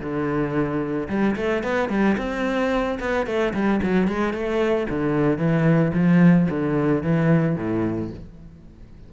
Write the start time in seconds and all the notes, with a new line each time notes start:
0.00 D3
1.09 G3
1.36 A3
1.63 B3
1.89 G3
2.18 C4
3.00 B3
3.26 A3
3.54 G3
3.83 F#3
4.08 G#3
4.33 A3
4.90 D3
5.38 E3
5.94 F3
6.50 D3
7.03 E3
7.56 A2